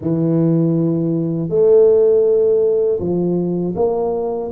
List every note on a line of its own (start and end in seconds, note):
0.01 1.49 E3
1.49 2.99 A3
2.99 3.74 F3
3.75 4.50 A#3